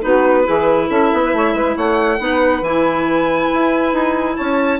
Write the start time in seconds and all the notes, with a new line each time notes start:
0.00 B3 D#4 F#4 B4
0.44 E3 E4 G#4
0.88 C#4 A4 E5
1.12 B3
1.24 B4
1.33 A3 C#5
1.53 G#3 B4
1.75 A3 C#5 F#5
2.19 B3 D#4 B4
2.61 E3 E4 G#5
3.53 E4
3.92 D#4
4.35 C#4 C#5 A5